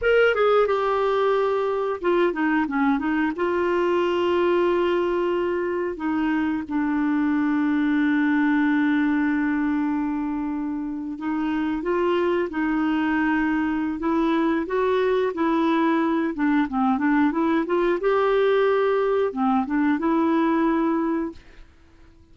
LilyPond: \new Staff \with { instrumentName = "clarinet" } { \time 4/4 \tempo 4 = 90 ais'8 gis'8 g'2 f'8 dis'8 | cis'8 dis'8 f'2.~ | f'4 dis'4 d'2~ | d'1~ |
d'8. dis'4 f'4 dis'4~ dis'16~ | dis'4 e'4 fis'4 e'4~ | e'8 d'8 c'8 d'8 e'8 f'8 g'4~ | g'4 c'8 d'8 e'2 | }